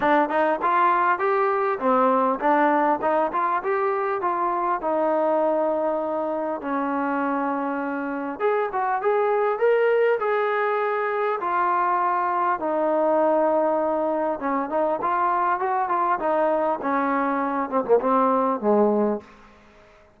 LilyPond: \new Staff \with { instrumentName = "trombone" } { \time 4/4 \tempo 4 = 100 d'8 dis'8 f'4 g'4 c'4 | d'4 dis'8 f'8 g'4 f'4 | dis'2. cis'4~ | cis'2 gis'8 fis'8 gis'4 |
ais'4 gis'2 f'4~ | f'4 dis'2. | cis'8 dis'8 f'4 fis'8 f'8 dis'4 | cis'4. c'16 ais16 c'4 gis4 | }